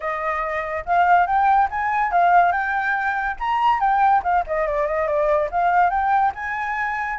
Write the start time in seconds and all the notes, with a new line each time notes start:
0.00 D#5
0.85 F5
1.26 G5
1.70 G#5
2.11 F5
2.51 G5
3.39 A#5
3.80 G5
4.23 F5
4.46 D#5
4.67 D5
4.86 D#5
5.07 D5
5.51 F5
5.89 G5
6.35 G#5